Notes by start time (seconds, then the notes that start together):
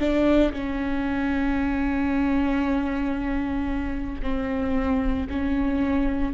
0.00 D4
0.53 C#4
4.22 C4
5.30 C#4